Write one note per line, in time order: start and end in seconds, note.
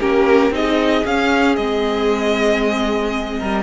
0.00 0.50 A#3
0.00 0.52 C#4
0.00 0.52 G4
0.00 0.53 A#4
0.50 1.02 C4
0.50 1.04 D#4
0.50 3.39 G#4
0.50 1.06 D#5
1.05 1.57 C#4
1.05 1.59 C#4
1.05 1.56 F5
1.56 3.40 G#3
1.56 3.63 C4
1.56 3.63 D#5
3.39 3.63 G3
3.39 3.63 A#4